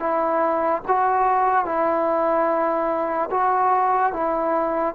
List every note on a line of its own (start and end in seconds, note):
0.00 0.82 E4
0.88 1.65 F#4
1.65 3.30 E4
3.31 4.13 F#4
4.13 4.95 E4